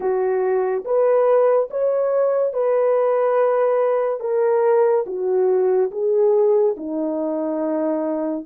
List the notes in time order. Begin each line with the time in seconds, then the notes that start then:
0.00 F#4
0.85 B4
1.70 C#5
2.53 B4
4.20 A#4
5.06 F#4
5.91 G#4
6.76 D#4